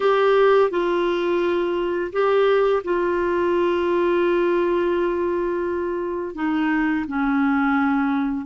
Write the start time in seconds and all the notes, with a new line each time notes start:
0.00 G4
0.70 F4
2.12 G4
2.84 F4
6.35 D#4
7.07 C#4